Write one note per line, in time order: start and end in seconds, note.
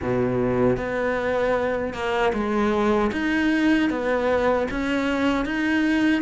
0.02 0.76 B2
0.76 1.93 B3
1.93 2.32 A#3
2.33 3.11 G#3
3.12 3.90 D#4
3.90 4.68 B3
4.70 5.45 C#4
5.45 6.21 D#4